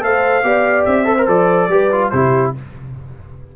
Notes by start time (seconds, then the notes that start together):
0.00 A3 A4 C5 F5
0.43 B3 G4 D5
0.85 C4 E5
1.05 A4 C5
1.18 A#4
1.27 F3 A4 D5
1.68 G3 G4 B4
1.92 F4
2.10 C3 E4 G4 C5